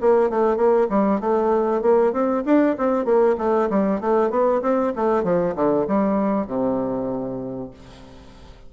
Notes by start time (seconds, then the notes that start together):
0.00 A#3
0.30 A3
0.56 A#3
0.89 G3
1.20 A3
1.81 A#3
2.12 C4
2.45 D4
2.77 C4
3.04 A#3
3.37 A3
3.69 G3
4.00 A3
4.30 B3
4.61 C4
4.95 A3
5.23 F3
5.55 D3
5.87 G3
6.47 C3